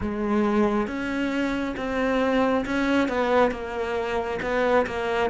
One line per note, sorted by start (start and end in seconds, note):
0.00 0.87 G#3
0.87 1.75 C#4
1.76 2.65 C4
2.65 3.08 C#4
3.08 3.51 B3
3.51 4.39 A#3
4.42 4.86 B3
4.86 5.30 A#3